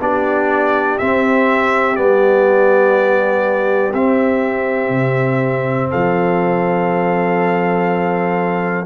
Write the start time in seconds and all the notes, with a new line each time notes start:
0.00 B3 D4 G4 D5
0.98 C4 E5
1.96 G3 B3 D5
3.93 C4 E5
4.89 C3
5.90 F3 A4 F5